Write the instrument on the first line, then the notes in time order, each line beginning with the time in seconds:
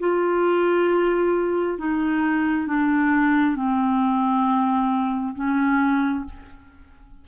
clarinet
0.00 F4
1.79 D#4
2.67 D4
3.56 C4
5.35 C#4